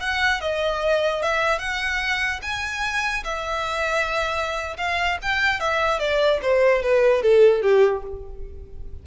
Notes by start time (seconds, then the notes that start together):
0.00 F#5
0.41 D#5
1.22 E5
1.59 F#5
2.42 G#5
3.24 E5
4.77 F5
5.22 G5
5.60 E5
5.99 D5
6.42 C5
6.82 B4
7.22 A4
7.62 G4